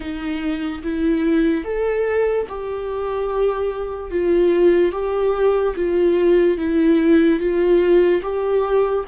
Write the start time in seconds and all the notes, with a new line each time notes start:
0.00 D#4
0.83 E4
1.64 A4
2.48 G4
4.11 F4
4.92 G4
5.75 F4
6.57 E4
7.39 F4
8.22 G4